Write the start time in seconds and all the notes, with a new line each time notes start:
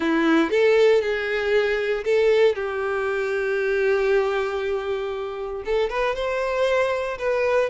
0.00 E4
0.50 A4
1.01 G#4
2.04 A4
2.55 G4
5.65 A4
5.89 B4
6.15 C5
7.18 B4